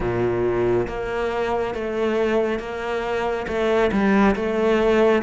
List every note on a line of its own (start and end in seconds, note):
0.00 0.87 A#2
0.87 1.74 A#3
1.74 2.59 A3
2.59 3.46 A#3
3.47 3.91 A3
3.91 4.35 G3
4.35 5.22 A3